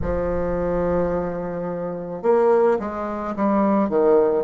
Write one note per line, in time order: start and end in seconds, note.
0.01 2.22 F3
2.22 2.78 A#3
2.79 3.34 G#3
3.36 3.89 G3
3.89 4.44 D#3